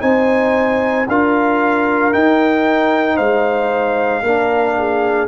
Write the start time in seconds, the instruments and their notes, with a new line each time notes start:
0.00 tuba C4, trombone D#4, horn C5, trumpet G#5
1.08 tuba D4, trombone F4, horn A#4, trumpet F5
2.12 trombone D#4, tuba D#4, trumpet G5
3.15 tuba G#3, horn C5, trumpet F5
4.23 tuba A#3, trombone D4, horn A#4
4.78 horn G#4